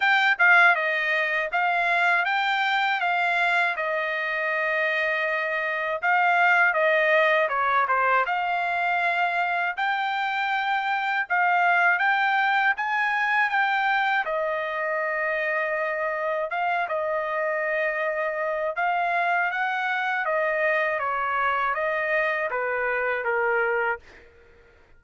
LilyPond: \new Staff \with { instrumentName = "trumpet" } { \time 4/4 \tempo 4 = 80 g''8 f''8 dis''4 f''4 g''4 | f''4 dis''2. | f''4 dis''4 cis''8 c''8 f''4~ | f''4 g''2 f''4 |
g''4 gis''4 g''4 dis''4~ | dis''2 f''8 dis''4.~ | dis''4 f''4 fis''4 dis''4 | cis''4 dis''4 b'4 ais'4 | }